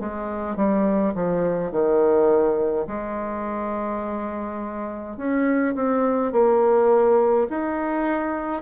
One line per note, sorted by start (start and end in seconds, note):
0.00 0.56 G#3
0.56 1.14 G3
1.15 1.72 F3
1.72 2.87 D#3
2.87 5.17 G#3
5.17 5.75 C#4
5.75 6.33 C4
6.33 7.48 A#3
7.50 8.62 D#4